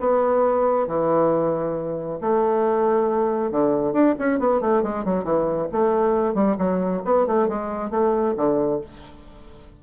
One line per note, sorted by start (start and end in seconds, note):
0.00 0.87 B3
0.87 2.19 E3
2.21 3.51 A3
3.51 3.93 D3
3.93 4.15 D4
4.19 4.39 C#4
4.39 4.61 B3
4.61 4.83 A3
4.83 5.05 G#3
5.05 5.24 F#3
5.24 5.68 E3
5.72 6.34 A3
6.34 6.56 G3
6.58 7.02 F#3
7.05 7.27 B3
7.27 7.48 A3
7.48 7.91 G#3
7.91 8.35 A3
8.37 8.81 D3